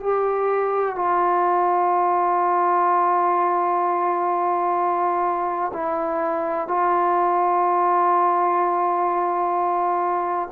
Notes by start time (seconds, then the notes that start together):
0.00 G4
0.95 F4
5.74 E4
6.68 F4